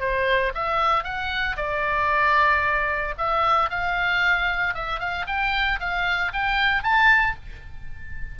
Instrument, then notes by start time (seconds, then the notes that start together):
oboe
0.00 C5
0.55 E5
1.04 F#5
1.57 D5
3.18 E5
3.70 F5
4.74 E5
5.00 F5
5.27 G5
5.80 F5
6.33 G5
6.83 A5